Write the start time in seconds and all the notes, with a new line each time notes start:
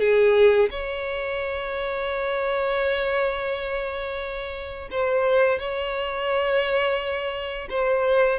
0.00 G#4
0.71 C#5
4.92 C5
5.60 C#5
7.70 C5